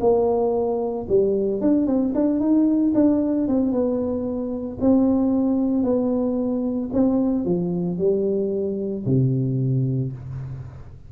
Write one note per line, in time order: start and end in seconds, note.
0.00 1.06 A#3
1.08 1.61 G3
1.61 1.87 D4
1.87 2.13 C4
2.14 2.39 D4
2.39 2.93 D#4
2.94 3.48 D4
3.48 3.72 C4
3.72 4.78 B3
4.81 5.83 C4
5.83 6.90 B3
6.93 7.45 C4
7.45 7.98 F3
7.98 9.04 G3
9.06 10.12 C3